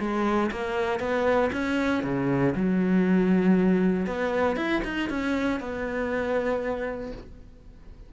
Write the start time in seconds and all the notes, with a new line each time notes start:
0.00 G#3
0.52 A#3
1.00 B3
1.53 C#4
2.04 C#3
2.55 F#3
4.07 B3
4.57 E4
4.85 D#4
5.10 C#4
5.60 B3